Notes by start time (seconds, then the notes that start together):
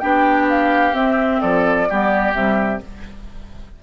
0.00 B3 D4 G4 G5
0.50 F5
0.93 C4 E5
1.41 F3 A4 D5
1.90 G3 B3 G4
2.34 C3 G3 E5